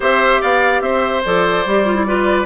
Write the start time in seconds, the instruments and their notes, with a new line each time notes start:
0.00 bassoon C4, clarinet G4, oboe C5, flute E5
0.41 bassoon B3, oboe D5, flute F5
0.81 bassoon C4, oboe C5, flute E5
1.25 bassoon F3, clarinet A4, flute D5
1.65 bassoon G3, clarinet G4
1.85 clarinet F4
1.95 clarinet E4
2.07 clarinet F4, oboe B4